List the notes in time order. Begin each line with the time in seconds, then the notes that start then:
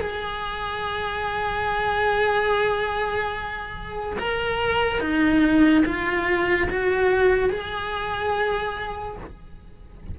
0.00 G#4
4.19 A#4
5.00 D#4
5.85 F4
6.69 F#4
7.50 G#4